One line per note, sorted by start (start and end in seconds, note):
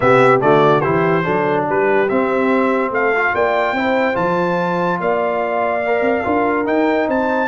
0.00 0.42 C3
0.00 0.39 B3
0.00 0.43 G4
0.00 0.41 E5
0.39 0.83 D3
0.39 0.81 A3
0.39 0.82 F#4
0.39 0.80 D5
0.80 1.26 E3
0.80 1.23 E4
0.80 1.23 G4
0.80 1.64 C5
1.23 1.68 F#3
1.23 2.07 D4
1.23 1.65 A4
1.68 2.10 G3
1.68 2.92 G4
1.68 2.08 B4
2.08 2.91 C4
2.08 3.14 C4
2.08 2.92 E5
2.91 3.32 A3
2.91 3.34 A4
2.91 3.35 F5
3.14 3.76 F4
3.34 3.72 A#3
3.34 3.75 D5
3.34 4.16 G5
3.72 4.14 C4
3.72 4.13 E4
3.72 5.00 C5
4.13 4.99 F3
4.13 5.80 F4
4.13 4.99 A5
5.00 6.01 A#3
5.00 6.24 D5
5.00 6.66 F5
5.86 6.24 A#4
6.01 6.22 C4
6.24 6.67 D4
6.24 6.65 F4
6.24 7.07 A#4
6.65 7.48 D#4
6.65 7.08 D#4
6.65 7.08 G5
7.07 7.48 C4
7.07 7.48 C5
7.07 7.48 A5